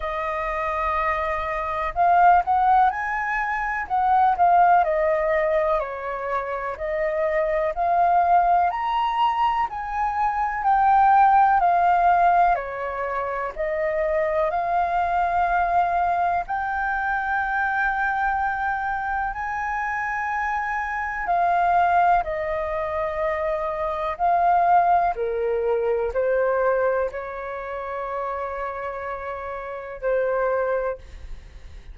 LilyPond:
\new Staff \with { instrumentName = "flute" } { \time 4/4 \tempo 4 = 62 dis''2 f''8 fis''8 gis''4 | fis''8 f''8 dis''4 cis''4 dis''4 | f''4 ais''4 gis''4 g''4 | f''4 cis''4 dis''4 f''4~ |
f''4 g''2. | gis''2 f''4 dis''4~ | dis''4 f''4 ais'4 c''4 | cis''2. c''4 | }